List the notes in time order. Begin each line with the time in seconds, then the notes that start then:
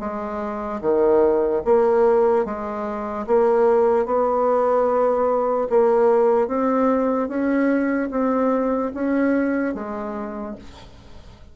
0.00 G#3
0.82 D#3
1.65 A#3
2.45 G#3
3.27 A#3
4.06 B3
5.70 A#3
6.48 C4
7.29 C#4
8.12 C4
8.94 C#4
9.75 G#3